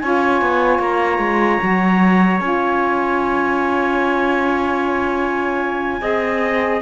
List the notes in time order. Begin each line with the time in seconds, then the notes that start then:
0.00 C#4 F4 C#5 G#5
0.42 B3
0.80 A#3 A#5
1.19 G#3
1.61 F#3 F#4
2.40 C#4 F4 G#5
6.02 C4 G#4 D#5